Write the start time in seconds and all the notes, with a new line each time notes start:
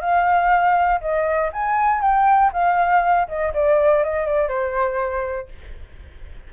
0.00 F5
1.01 D#5
1.52 G#5
2.01 G5
2.52 F5
3.27 D#5
3.53 D5
4.03 D#5
4.26 D5
4.48 C5